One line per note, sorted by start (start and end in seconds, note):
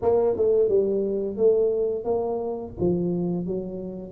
0.02 0.36 A#3
0.36 0.69 A3
0.69 1.36 G3
1.36 2.04 A3
2.04 2.73 A#3
2.80 3.46 F3
3.46 4.12 F#3